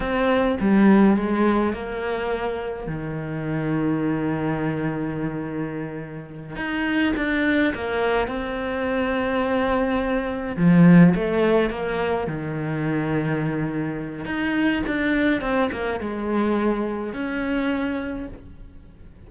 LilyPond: \new Staff \with { instrumentName = "cello" } { \time 4/4 \tempo 4 = 105 c'4 g4 gis4 ais4~ | ais4 dis2.~ | dis2.~ dis8 dis'8~ | dis'8 d'4 ais4 c'4.~ |
c'2~ c'8 f4 a8~ | a8 ais4 dis2~ dis8~ | dis4 dis'4 d'4 c'8 ais8 | gis2 cis'2 | }